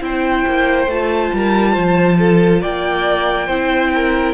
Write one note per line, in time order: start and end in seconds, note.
0.00 0.44 C4
0.00 0.87 E4
0.00 1.34 C5
0.00 0.90 G5
0.46 0.86 A#3
0.86 1.30 A3
0.86 3.50 F4
0.86 2.62 A5
1.33 1.76 G3
1.33 1.72 A#4
1.72 2.63 F3
1.72 2.15 C5
2.18 2.61 A4
2.61 3.48 A#3
2.61 3.46 D5
2.61 4.34 G5
3.46 4.34 C4
3.46 4.34 E4
3.46 3.90 C5
3.94 4.34 A#4